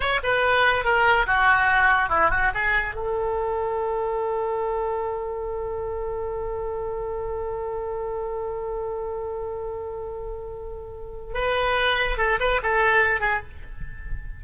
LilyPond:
\new Staff \with { instrumentName = "oboe" } { \time 4/4 \tempo 4 = 143 cis''8 b'4. ais'4 fis'4~ | fis'4 e'8 fis'8 gis'4 a'4~ | a'1~ | a'1~ |
a'1~ | a'1~ | a'2. b'4~ | b'4 a'8 b'8 a'4. gis'8 | }